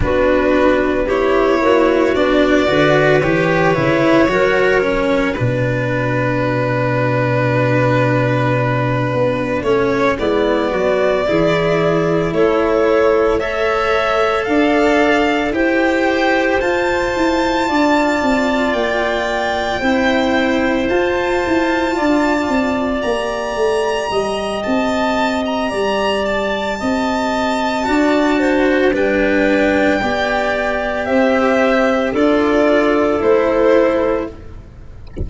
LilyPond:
<<
  \new Staff \with { instrumentName = "violin" } { \time 4/4 \tempo 4 = 56 b'4 cis''4 d''4 cis''4~ | cis''4 b'2.~ | b'4 cis''8 d''2 cis''8~ | cis''8 e''4 f''4 g''4 a''8~ |
a''4. g''2 a''8~ | a''4. ais''4. a''8. ais''16~ | ais''8 a''2~ a''8 g''4~ | g''4 e''4 d''4 c''4 | }
  \new Staff \with { instrumentName = "clarinet" } { \time 4/4 fis'4 g'8 fis'4 b'4. | ais'4 fis'2.~ | fis'4. e'8 fis'8 gis'4 a'8~ | a'8 cis''4 d''4 c''4.~ |
c''8 d''2 c''4.~ | c''8 d''2 dis''4. | d''4 dis''4 d''8 c''8 b'4 | d''4 c''4 a'2 | }
  \new Staff \with { instrumentName = "cello" } { \time 4/4 d'4 e'4 d'8 fis'8 g'8 e'8 | fis'8 cis'8 d'2.~ | d'4 cis'8 b4 e'4.~ | e'8 a'2 g'4 f'8~ |
f'2~ f'8 e'4 f'8~ | f'4. g'2~ g'8~ | g'2 fis'4 d'4 | g'2 f'4 e'4 | }
  \new Staff \with { instrumentName = "tuba" } { \time 4/4 b4. ais8 b8 d8 e8 cis8 | fis4 b,2.~ | b,8 b8 a8 gis8 fis8 e4 a8~ | a4. d'4 e'4 f'8 |
e'8 d'8 c'8 ais4 c'4 f'8 | e'8 d'8 c'8 ais8 a8 g8 c'4 | g4 c'4 d'4 g4 | b4 c'4 d'4 a4 | }
>>